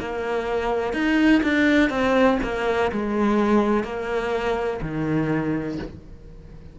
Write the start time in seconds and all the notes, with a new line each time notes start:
0.00 A#3
0.94 D#4
1.43 D4
1.90 C4
2.43 A#3
2.92 G#3
3.84 A#3
4.82 D#3